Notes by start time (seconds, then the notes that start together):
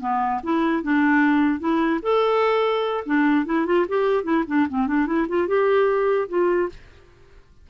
0.00 B3
0.43 E4
0.83 D4
1.59 E4
2.02 A4
3.05 D4
3.45 E4
3.66 F4
3.88 G4
4.23 E4
4.47 D4
4.69 C4
4.87 D4
5.06 E4
5.28 F4
5.47 G4
6.28 F4